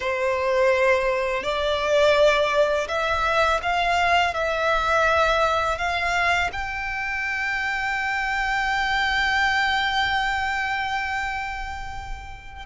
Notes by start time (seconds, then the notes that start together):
0.00 C5
1.43 D5
2.88 E5
3.62 F5
4.34 E5
5.78 F5
6.52 G5